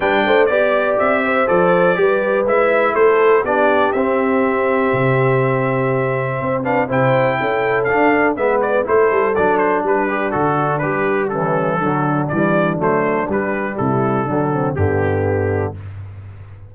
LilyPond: <<
  \new Staff \with { instrumentName = "trumpet" } { \time 4/4 \tempo 4 = 122 g''4 d''4 e''4 d''4~ | d''4 e''4 c''4 d''4 | e''1~ | e''4. f''8 g''2 |
f''4 e''8 d''8 c''4 d''8 c''8 | b'4 a'4 b'4 a'4~ | a'4 d''4 c''4 b'4 | a'2 g'2 | }
  \new Staff \with { instrumentName = "horn" } { \time 4/4 b'8 c''8 d''4. c''4. | b'2 a'4 g'4~ | g'1~ | g'4 c''8 b'8 c''4 a'4~ |
a'4 b'4 a'2 | d'2. cis'4 | d'1 | e'4 d'8 c'8 b2 | }
  \new Staff \with { instrumentName = "trombone" } { \time 4/4 d'4 g'2 a'4 | g'4 e'2 d'4 | c'1~ | c'4. d'8 e'2 |
d'4 b4 e'4 d'4~ | d'8 g'8 fis'4 g'4 e4 | fis4 g4 a4 g4~ | g4 fis4 d2 | }
  \new Staff \with { instrumentName = "tuba" } { \time 4/4 g8 a8 b4 c'4 f4 | g4 gis4 a4 b4 | c'2 c2~ | c4 c'4 c4 cis'4 |
d'4 gis4 a8 g8 fis4 | g4 d4 g2 | d4 e4 fis4 g4 | c4 d4 g,2 | }
>>